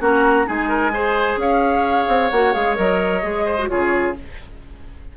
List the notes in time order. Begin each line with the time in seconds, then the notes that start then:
0.00 A#3 C#4 F#4 A#5
0.45 G#3 D#4 G#4 G#5
0.69 A#4
0.93 G#4 C5
1.36 C#4 C#5 F5
2.08 C4
2.30 A#3 F#4 F#5
2.53 G#3 G#4 F5
2.75 F#3 A#4 D#5
3.22 G#3 G#4
3.45 C5
3.58 F#4
3.68 C#3 F4 G#4 C#5